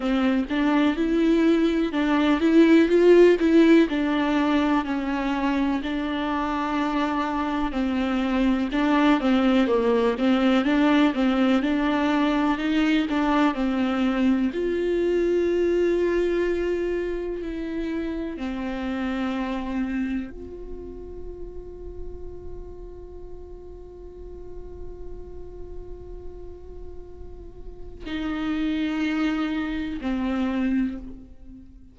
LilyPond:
\new Staff \with { instrumentName = "viola" } { \time 4/4 \tempo 4 = 62 c'8 d'8 e'4 d'8 e'8 f'8 e'8 | d'4 cis'4 d'2 | c'4 d'8 c'8 ais8 c'8 d'8 c'8 | d'4 dis'8 d'8 c'4 f'4~ |
f'2 e'4 c'4~ | c'4 f'2.~ | f'1~ | f'4 dis'2 c'4 | }